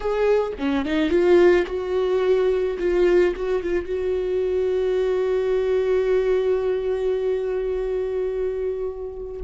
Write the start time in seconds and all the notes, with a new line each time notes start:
0.00 G#4
0.58 C#4
0.85 D#4
1.09 F4
1.66 F#4
2.78 F4
3.35 F#4
3.62 F4
3.85 F#4